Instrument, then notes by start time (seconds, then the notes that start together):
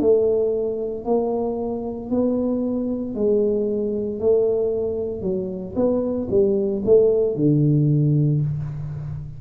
tuba
0.00 A3
1.04 A#3
2.10 B3
3.14 G#3
4.20 A3
5.22 F#3
5.75 B3
6.30 G3
6.85 A3
7.35 D3